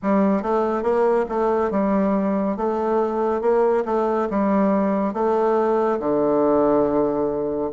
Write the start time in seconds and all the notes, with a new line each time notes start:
0.02 G3
0.42 A3
0.82 A#3
1.29 A3
1.71 G3
2.56 A3
3.41 A#3
3.85 A3
4.30 G3
5.13 A3
5.99 D3